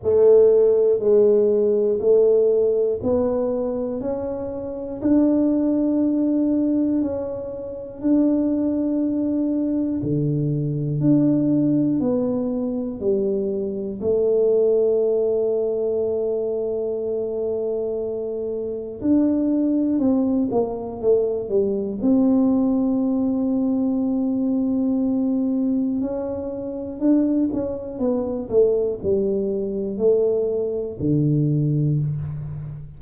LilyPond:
\new Staff \with { instrumentName = "tuba" } { \time 4/4 \tempo 4 = 60 a4 gis4 a4 b4 | cis'4 d'2 cis'4 | d'2 d4 d'4 | b4 g4 a2~ |
a2. d'4 | c'8 ais8 a8 g8 c'2~ | c'2 cis'4 d'8 cis'8 | b8 a8 g4 a4 d4 | }